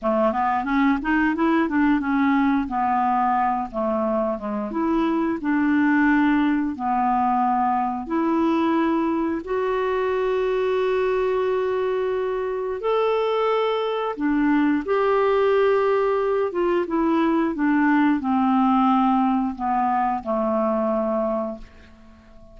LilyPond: \new Staff \with { instrumentName = "clarinet" } { \time 4/4 \tempo 4 = 89 a8 b8 cis'8 dis'8 e'8 d'8 cis'4 | b4. a4 gis8 e'4 | d'2 b2 | e'2 fis'2~ |
fis'2. a'4~ | a'4 d'4 g'2~ | g'8 f'8 e'4 d'4 c'4~ | c'4 b4 a2 | }